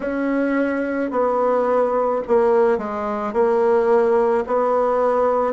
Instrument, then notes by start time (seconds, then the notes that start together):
bassoon
0.00 C#4
1.11 B3
2.27 A#3
2.78 G#3
3.33 A#3
4.46 B3